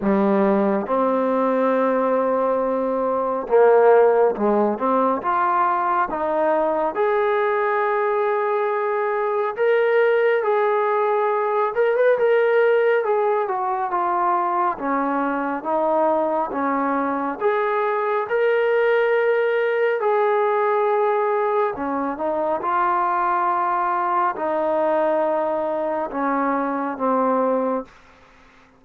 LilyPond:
\new Staff \with { instrumentName = "trombone" } { \time 4/4 \tempo 4 = 69 g4 c'2. | ais4 gis8 c'8 f'4 dis'4 | gis'2. ais'4 | gis'4. ais'16 b'16 ais'4 gis'8 fis'8 |
f'4 cis'4 dis'4 cis'4 | gis'4 ais'2 gis'4~ | gis'4 cis'8 dis'8 f'2 | dis'2 cis'4 c'4 | }